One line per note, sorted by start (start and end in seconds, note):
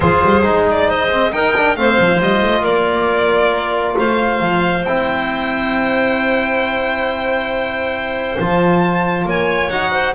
0.00 0.21 F3
0.00 0.41 F4
0.00 0.87 G#4
0.00 0.66 C5
0.23 0.43 G3
0.42 1.31 G#3
0.42 1.08 D#4
0.70 0.90 D5
0.87 1.31 C5
0.87 1.32 D#5
1.11 1.32 C4
1.32 1.54 D#4
1.32 1.76 D#4
1.32 1.78 A#4
1.32 1.76 G5
1.56 1.77 D4
1.76 1.98 A3
1.76 2.16 C4
1.76 2.61 C5
1.76 2.20 F5
1.99 2.20 F3
2.16 2.41 G3
2.16 4.81 F4
2.16 2.64 D#5
2.41 2.63 A3
2.61 3.95 A#3
2.61 3.93 A#4
2.61 3.96 D5
3.98 4.41 A3
3.98 9.27 C5
3.98 4.85 F5
4.41 4.84 F3
4.84 8.37 C4
4.84 8.39 E4
4.84 8.38 G5
8.39 9.25 F3
8.39 9.71 F4
8.39 9.27 A5
9.25 9.69 A#3
9.25 9.91 C#5
9.25 9.69 G#5
9.69 10.14 D#4
9.69 10.14 F#4
9.69 10.14 F#5
9.91 10.14 C5